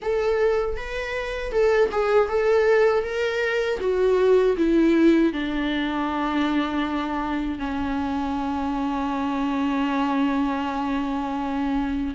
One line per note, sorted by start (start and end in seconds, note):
0.02 0.76 A4
0.76 1.52 B4
1.52 1.90 A4
1.91 2.29 G#4
2.29 3.03 A4
3.03 3.79 A#4
3.80 4.56 F#4
4.57 5.32 E4
5.32 7.58 D4
7.58 12.14 C#4